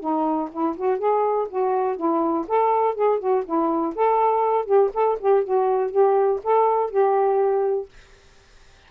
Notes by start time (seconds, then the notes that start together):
0.00 D#4
0.52 E4
0.76 F#4
0.99 G#4
1.49 F#4
1.96 E4
2.47 A4
2.95 G#4
3.19 F#4
3.45 E4
3.95 A4
4.65 G4
4.94 A4
5.20 G4
5.44 F#4
5.91 G4
6.43 A4
6.90 G4